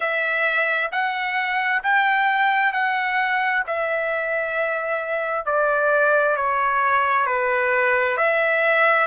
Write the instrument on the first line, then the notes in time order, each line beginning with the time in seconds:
trumpet
0.00 E5
0.91 F#5
1.83 G5
2.72 F#5
3.66 E5
5.45 D5
6.36 C#5
7.26 B4
8.17 E5